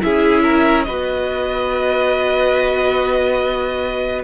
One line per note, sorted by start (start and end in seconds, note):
0.00 0.89 C#4
0.00 0.85 E4
0.00 0.43 G#4
0.00 0.84 E5
0.43 0.85 A#4
0.84 4.24 B3
0.84 4.24 F#4
0.84 4.24 B4
0.84 4.22 D#5